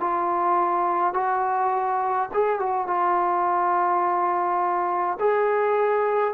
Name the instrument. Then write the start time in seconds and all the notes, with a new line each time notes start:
trombone
0.00 F4
1.14 F#4
2.33 G#4
2.59 F#4
2.87 F4
5.20 G#4